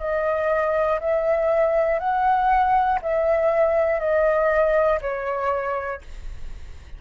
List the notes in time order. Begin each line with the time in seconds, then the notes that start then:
0.00 D#5
1.00 E5
2.00 F#5
3.02 E5
4.00 D#5
5.01 C#5